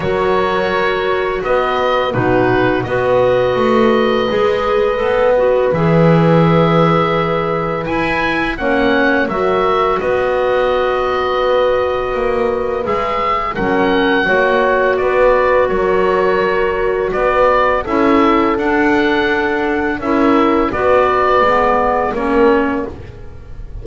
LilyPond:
<<
  \new Staff \with { instrumentName = "oboe" } { \time 4/4 \tempo 4 = 84 cis''2 dis''4 b'4 | dis''1 | e''2. gis''4 | fis''4 e''4 dis''2~ |
dis''2 e''4 fis''4~ | fis''4 d''4 cis''2 | d''4 e''4 fis''2 | e''4 d''2 cis''4 | }
  \new Staff \with { instrumentName = "horn" } { \time 4/4 ais'2 b'4 fis'4 | b'1~ | b'1 | cis''4 ais'4 b'2~ |
b'2. ais'4 | cis''4 b'4 ais'2 | b'4 a'2. | ais'4 b'2 ais'4 | }
  \new Staff \with { instrumentName = "clarinet" } { \time 4/4 fis'2. dis'4 | fis'2 gis'4 a'8 fis'8 | gis'2. e'4 | cis'4 fis'2.~ |
fis'2 gis'4 cis'4 | fis'1~ | fis'4 e'4 d'2 | e'4 fis'4 b4 cis'4 | }
  \new Staff \with { instrumentName = "double bass" } { \time 4/4 fis2 b4 b,4 | b4 a4 gis4 b4 | e2. e'4 | ais4 fis4 b2~ |
b4 ais4 gis4 fis4 | ais4 b4 fis2 | b4 cis'4 d'2 | cis'4 b4 gis4 ais4 | }
>>